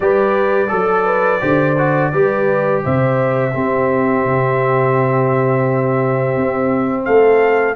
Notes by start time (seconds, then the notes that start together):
0.00 G3 G4 B4 D5
0.68 F#3 A4
1.05 B4
1.40 D3 G4 C5
1.77 F#4
2.12 G3 G4 B4
2.83 C3 C5 E5
3.51 C4 G4
4.25 C3
6.36 C4
7.04 A3 A4 F5